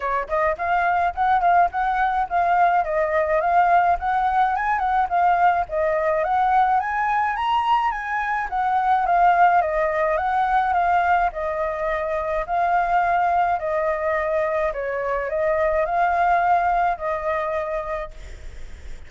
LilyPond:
\new Staff \with { instrumentName = "flute" } { \time 4/4 \tempo 4 = 106 cis''8 dis''8 f''4 fis''8 f''8 fis''4 | f''4 dis''4 f''4 fis''4 | gis''8 fis''8 f''4 dis''4 fis''4 | gis''4 ais''4 gis''4 fis''4 |
f''4 dis''4 fis''4 f''4 | dis''2 f''2 | dis''2 cis''4 dis''4 | f''2 dis''2 | }